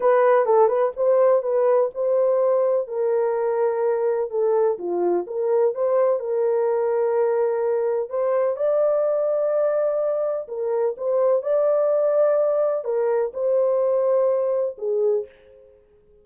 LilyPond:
\new Staff \with { instrumentName = "horn" } { \time 4/4 \tempo 4 = 126 b'4 a'8 b'8 c''4 b'4 | c''2 ais'2~ | ais'4 a'4 f'4 ais'4 | c''4 ais'2.~ |
ais'4 c''4 d''2~ | d''2 ais'4 c''4 | d''2. ais'4 | c''2. gis'4 | }